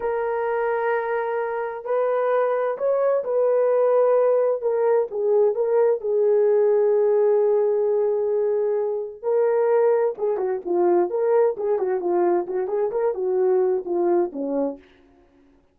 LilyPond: \new Staff \with { instrumentName = "horn" } { \time 4/4 \tempo 4 = 130 ais'1 | b'2 cis''4 b'4~ | b'2 ais'4 gis'4 | ais'4 gis'2.~ |
gis'1 | ais'2 gis'8 fis'8 f'4 | ais'4 gis'8 fis'8 f'4 fis'8 gis'8 | ais'8 fis'4. f'4 cis'4 | }